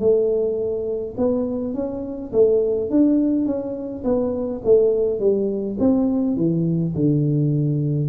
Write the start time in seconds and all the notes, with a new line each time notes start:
0.00 A3
1.17 B3
1.75 C#4
2.33 A3
2.91 D4
3.46 C#4
4.04 B3
4.65 A3
5.20 G3
5.80 C4
6.37 E3
6.95 D3